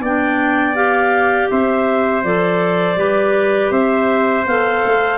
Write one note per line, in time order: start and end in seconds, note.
0.00 1.48 B3
0.00 0.75 D4
0.00 1.50 D5
0.00 0.75 G5
0.75 2.23 G4
0.75 1.49 F5
1.50 2.23 C4
1.50 2.99 C5
1.50 2.23 E5
2.23 2.97 F3
2.23 2.96 A4
2.23 3.71 D5
2.96 3.71 G3
2.96 4.44 G4
2.96 3.72 B4
3.71 4.45 C4
3.71 5.18 C5
3.71 4.45 E5
4.46 4.83 B3
4.46 5.18 A4
4.46 5.18 F5
4.85 5.18 A3